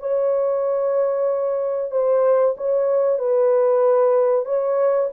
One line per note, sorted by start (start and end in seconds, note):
0.00 1.91 C#5
1.92 2.56 C5
2.58 3.19 C#5
3.19 4.46 B4
4.46 5.09 C#5